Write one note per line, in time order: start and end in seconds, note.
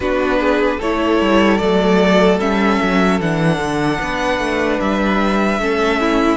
0.00 0.79 B3
0.00 0.81 D4
0.00 0.39 F#4
0.00 0.80 B4
0.39 0.77 G#4
0.77 1.21 A3
0.77 1.62 E4
0.77 3.97 A4
0.77 1.57 C#5
1.21 1.61 G3
1.57 2.39 F#3
1.57 2.40 A3
1.57 2.37 D5
2.39 2.79 G3
2.39 3.20 C#4
2.39 3.20 E5
2.82 3.20 F#3
3.20 3.58 E3
3.20 5.60 D4
3.20 4.80 F#5
3.58 3.98 D3
4.00 4.38 B3
4.00 5.60 B4
4.38 4.78 A3
4.80 5.58 G3
4.80 6.36 E5
5.58 6.36 A3
5.58 6.36 C#4
5.58 6.00 A4
6.00 6.36 E4